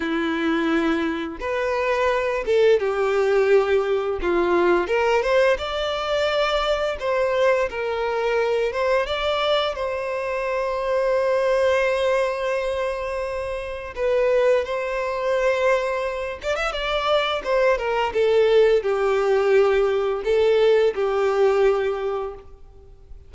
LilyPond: \new Staff \with { instrumentName = "violin" } { \time 4/4 \tempo 4 = 86 e'2 b'4. a'8 | g'2 f'4 ais'8 c''8 | d''2 c''4 ais'4~ | ais'8 c''8 d''4 c''2~ |
c''1 | b'4 c''2~ c''8 d''16 e''16 | d''4 c''8 ais'8 a'4 g'4~ | g'4 a'4 g'2 | }